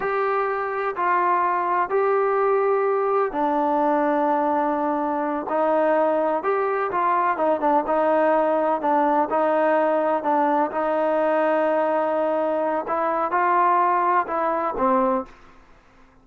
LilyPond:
\new Staff \with { instrumentName = "trombone" } { \time 4/4 \tempo 4 = 126 g'2 f'2 | g'2. d'4~ | d'2.~ d'8 dis'8~ | dis'4. g'4 f'4 dis'8 |
d'8 dis'2 d'4 dis'8~ | dis'4. d'4 dis'4.~ | dis'2. e'4 | f'2 e'4 c'4 | }